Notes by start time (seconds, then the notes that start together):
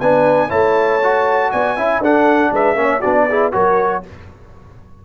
0.00 B3 D4 B4 G#5
0.48 A3 E4 C#5 A5
1.03 F#4
1.51 B3 D5 G#5
1.76 C#4 E4 E5
1.99 D4 A4 F#5
2.52 G#3 B4 E5
2.74 A#3 C#4
2.80 C#5
2.99 B3 D4 F#4 D5
3.28 E4 G#4
3.52 F#3 F#4 A#4 C#5